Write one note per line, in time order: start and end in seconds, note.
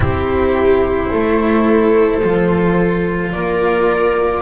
0.00 1.07 C4
0.00 2.21 E4
0.00 1.09 G4
0.00 3.32 C5
1.09 2.23 A3
1.09 3.31 A4
2.22 3.34 F3
2.22 4.41 F4
3.32 4.41 A#3
3.32 4.41 A#4
3.32 4.41 D5